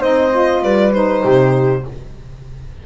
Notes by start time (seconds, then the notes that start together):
0.00 C4 D#4 C5 D#5
0.31 F4
0.62 G3 B4 D5
0.92 D#4 C5
1.23 C3 G4